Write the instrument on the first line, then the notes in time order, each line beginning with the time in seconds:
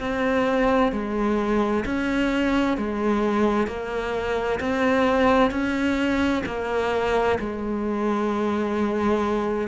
cello
0.00 C4
0.92 G#3
1.85 C#4
2.77 G#3
3.68 A#3
4.60 C4
5.51 C#4
6.47 A#3
7.39 G#3